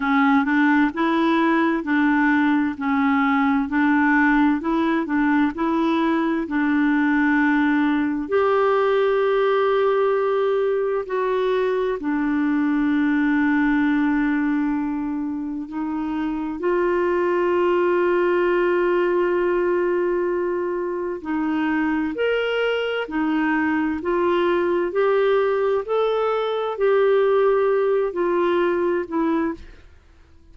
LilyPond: \new Staff \with { instrumentName = "clarinet" } { \time 4/4 \tempo 4 = 65 cis'8 d'8 e'4 d'4 cis'4 | d'4 e'8 d'8 e'4 d'4~ | d'4 g'2. | fis'4 d'2.~ |
d'4 dis'4 f'2~ | f'2. dis'4 | ais'4 dis'4 f'4 g'4 | a'4 g'4. f'4 e'8 | }